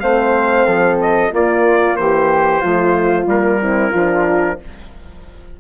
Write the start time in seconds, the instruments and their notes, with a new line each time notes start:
0.00 bassoon A3, horn C4, flute C5, trumpet F5
0.66 bassoon F3, flute A4
1.01 trumpet D#5
1.33 bassoon A#3, horn A#3, flute F4, trumpet D5
1.96 bassoon E3, flute G4, trumpet C5
2.61 bassoon F3, horn A3, flute F4
3.26 bassoon G3, horn A#3, trumpet A#4
3.60 horn C4, flute E4
3.91 bassoon F3, horn D4, flute F4